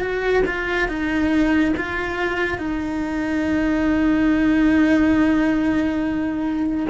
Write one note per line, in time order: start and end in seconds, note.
0.00 0.43 F#4
0.46 0.88 F4
0.88 1.74 D#4
1.76 2.58 F4
2.58 6.87 D#4